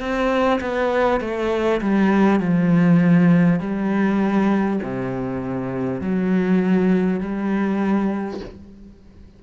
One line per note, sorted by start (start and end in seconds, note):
0.00 0.60 C4
0.61 1.21 B3
1.21 1.81 A3
1.81 2.40 G3
2.40 3.60 F3
3.60 4.80 G3
4.83 6.01 C3
6.01 7.21 F#3
7.21 8.41 G3